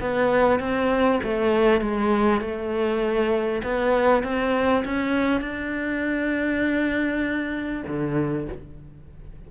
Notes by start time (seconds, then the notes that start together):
0.00 B3
0.60 C4
1.23 A3
1.80 G#3
2.40 A3
3.63 B3
4.23 C4
4.84 C#4
5.40 D4
7.87 D3